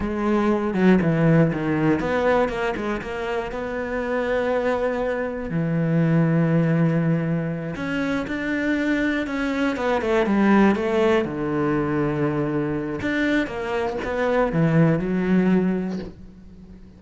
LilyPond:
\new Staff \with { instrumentName = "cello" } { \time 4/4 \tempo 4 = 120 gis4. fis8 e4 dis4 | b4 ais8 gis8 ais4 b4~ | b2. e4~ | e2.~ e8 cis'8~ |
cis'8 d'2 cis'4 b8 | a8 g4 a4 d4.~ | d2 d'4 ais4 | b4 e4 fis2 | }